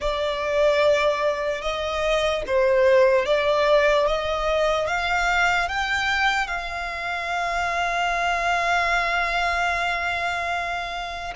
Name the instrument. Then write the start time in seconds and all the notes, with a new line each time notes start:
violin
0.00 D5
1.61 D#5
2.46 C5
3.25 D5
4.07 D#5
4.87 F5
5.68 G5
6.47 F5